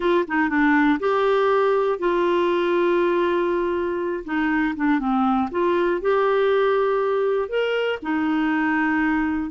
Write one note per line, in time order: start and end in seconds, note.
0.00 0.25 F4
0.27 0.49 D#4
0.49 0.99 D4
0.99 1.98 G4
1.98 4.23 F4
4.25 4.75 D#4
4.75 4.99 D4
4.99 5.49 C4
5.51 6.01 F4
6.01 7.48 G4
7.48 7.98 A#4
8.02 9.50 D#4